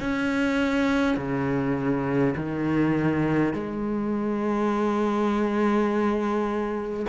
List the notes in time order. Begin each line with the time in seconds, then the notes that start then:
0.00 C#4
1.17 C#3
2.36 D#3
3.53 G#3